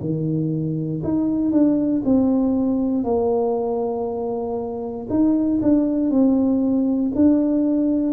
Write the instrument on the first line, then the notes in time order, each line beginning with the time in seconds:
tuba
0.00 D#3
1.03 D#4
1.51 D4
2.04 C4
3.03 A#3
5.09 D#4
5.62 D4
6.10 C4
7.15 D4